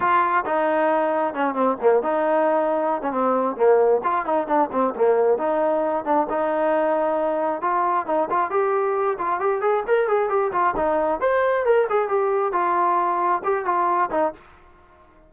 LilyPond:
\new Staff \with { instrumentName = "trombone" } { \time 4/4 \tempo 4 = 134 f'4 dis'2 cis'8 c'8 | ais8 dis'2~ dis'16 cis'16 c'4 | ais4 f'8 dis'8 d'8 c'8 ais4 | dis'4. d'8 dis'2~ |
dis'4 f'4 dis'8 f'8 g'4~ | g'8 f'8 g'8 gis'8 ais'8 gis'8 g'8 f'8 | dis'4 c''4 ais'8 gis'8 g'4 | f'2 g'8 f'4 dis'8 | }